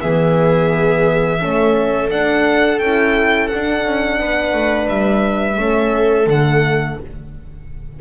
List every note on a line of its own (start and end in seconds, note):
0.00 1.42 E3
0.00 1.39 B3
0.00 1.40 G#4
0.00 2.09 E5
1.39 2.11 A3
1.39 2.09 C#4
1.39 4.20 A4
2.09 2.79 D4
2.09 2.80 D4
2.09 2.79 F#5
2.79 3.50 C#4
2.79 3.52 E4
2.79 3.47 G5
3.47 5.57 D4
3.47 3.84 D4
3.47 4.87 F#5
3.84 4.19 C#4
4.19 4.53 B3
4.19 5.60 B4
4.53 4.88 A3
4.88 5.57 G3
4.88 6.28 E5
5.57 6.26 A3
5.57 6.27 C#4
5.57 7.00 A4
6.26 6.96 D3
6.26 7.01 A3
6.26 6.99 F#5